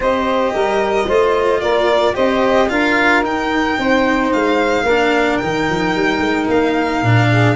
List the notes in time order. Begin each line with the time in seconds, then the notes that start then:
0.00 C4 G4 C5 D#5
0.53 G3 A#4
1.06 A3 F4 C5
1.60 A#3 A#4 D5
2.14 C4 G4 C5 D#5
2.68 D4 F4 A#4 F5
3.22 D#4 G5
3.78 C4 C5
4.32 G#3 F5
4.82 A#3 D4 A#4
5.37 D#3 D#4 G5
5.69 F3
5.95 G3
6.19 G#3
6.48 A#3 F5
7.02 A#2 D4
7.30 G#4